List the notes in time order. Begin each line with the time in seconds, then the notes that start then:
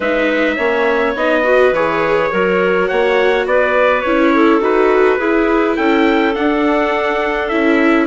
0.00 G#3 D#4 B4 E5
0.55 A#3 C#4 C#5
1.15 B3 D#4 D#5
1.43 F#4 B4
1.71 E3 G#4 C#5
2.31 F#3 F#4 A#4
2.87 A#3 C#5 F#5
3.45 B3 B4 D5
4.01 C#4 E4 C#5
4.34 A4
4.60 D#4 F#4 B4
5.18 E4 G#4
5.75 C#4 A4 G5
6.34 D4 F#5
7.48 C#4 E4 E5